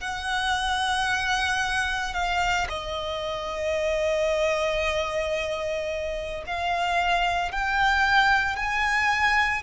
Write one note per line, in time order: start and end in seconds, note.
0.00 2.13 F#5
2.13 2.67 F5
2.69 6.44 D#5
6.46 7.51 F5
7.51 8.56 G5
8.56 9.62 G#5